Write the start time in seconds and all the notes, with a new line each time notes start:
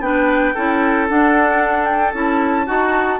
0.00 B3 D4 B4 G5
0.54 C#4 E4 A4
1.08 D4 F#5
1.85 G5
2.13 C#4 E4 A5
2.66 D#4 F#4